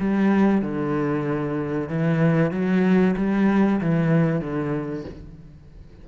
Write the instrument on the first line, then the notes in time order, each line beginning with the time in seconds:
cello
0.00 G3
0.62 D3
1.89 E3
2.52 F#3
3.17 G3
3.81 E3
4.41 D3